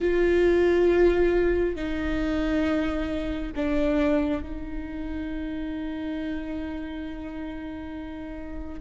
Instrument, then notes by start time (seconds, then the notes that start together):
viola
0.00 F4
1.75 D#4
3.55 D4
4.42 D#4